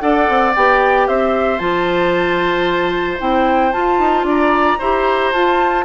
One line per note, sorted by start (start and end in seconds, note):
0.00 0.28 D4
0.00 0.53 A4
0.00 1.08 D5
0.00 0.53 F#5
0.29 0.55 C4
0.56 1.08 B3
0.56 1.59 G4
0.56 1.08 G5
1.08 1.60 C4
1.08 4.26 C5
1.08 1.59 E5
1.59 3.19 F3
1.59 3.19 F4
1.59 3.18 A5
3.19 3.73 C4
3.19 3.72 E4
3.19 3.72 G5
3.72 4.78 F4
3.72 3.99 F4
3.72 4.26 A5
3.99 4.23 D#4
4.23 4.76 D4
4.23 4.79 D5
4.30 5.32 A#5
4.79 5.33 E4
4.79 5.34 G4
4.79 5.85 C5
5.32 5.85 F4
5.32 5.85 A5